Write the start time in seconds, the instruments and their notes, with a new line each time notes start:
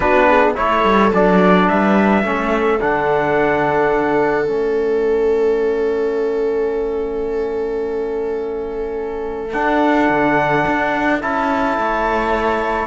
0.00 cello B3, trombone D4, viola F#4, trumpet B4
0.27 viola G#4
0.54 cello A3, trombone E4, viola A4, trumpet C#5
0.84 cello G3
1.13 cello F#3, trombone D4, trumpet D5
1.68 cello G3, viola B4, trumpet E5
2.23 cello A3, trombone C#4, viola A4
2.81 cello D3, trombone D4, trumpet F#5
4.44 cello A3, trombone C#4, trumpet E5
9.52 trombone D4, cello D4, trumpet F#5
10.09 cello D3
10.67 cello D4
11.20 cello C#4, trombone E4, trumpet A5
11.77 cello A3, viola C#5